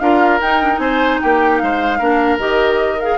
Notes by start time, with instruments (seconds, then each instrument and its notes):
0.00 bassoon D4, clarinet F4, oboe A#4, flute F5
0.42 bassoon D#4, clarinet D#4, flute G5
0.62 clarinet D4
0.74 bassoon C4, clarinet D#4, flute G#5
0.81 oboe C5
1.22 bassoon A#3, oboe G4, flute G5
1.59 bassoon G#3, oboe C5, flute F5
1.99 bassoon A#3, clarinet D4, oboe A#4
2.38 bassoon D#3, clarinet G4, flute D#5
3.00 clarinet G#4, flute F5